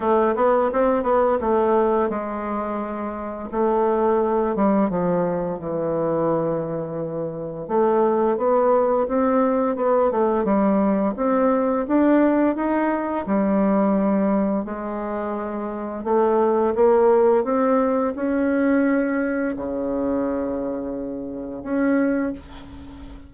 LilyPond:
\new Staff \with { instrumentName = "bassoon" } { \time 4/4 \tempo 4 = 86 a8 b8 c'8 b8 a4 gis4~ | gis4 a4. g8 f4 | e2. a4 | b4 c'4 b8 a8 g4 |
c'4 d'4 dis'4 g4~ | g4 gis2 a4 | ais4 c'4 cis'2 | cis2. cis'4 | }